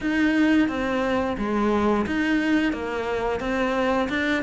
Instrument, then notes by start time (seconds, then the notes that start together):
cello
0.00 D#4
0.68 C4
1.37 G#3
2.06 D#4
2.72 A#3
3.40 C4
4.09 D4